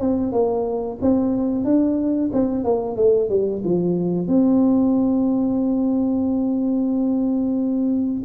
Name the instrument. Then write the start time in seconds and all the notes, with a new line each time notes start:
tuba
0.00 C4
0.32 A#3
1.01 C4
1.64 D4
2.33 C4
2.64 A#3
2.96 A3
3.29 G3
3.64 F3
4.27 C4